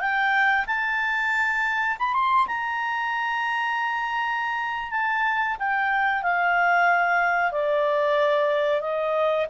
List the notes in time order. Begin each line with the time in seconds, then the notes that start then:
0.00 G5
0.66 A5
1.99 B5
2.14 C6
2.47 A#5
4.91 A5
5.59 G5
6.23 F5
7.52 D5
8.81 D#5